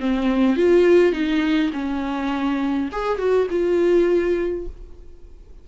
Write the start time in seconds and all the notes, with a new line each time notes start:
0.00 C4
0.57 F4
1.13 D#4
1.73 C#4
2.92 G#4
3.18 F#4
3.50 F4